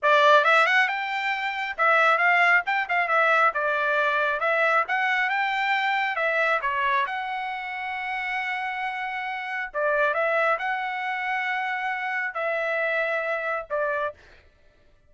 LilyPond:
\new Staff \with { instrumentName = "trumpet" } { \time 4/4 \tempo 4 = 136 d''4 e''8 fis''8 g''2 | e''4 f''4 g''8 f''8 e''4 | d''2 e''4 fis''4 | g''2 e''4 cis''4 |
fis''1~ | fis''2 d''4 e''4 | fis''1 | e''2. d''4 | }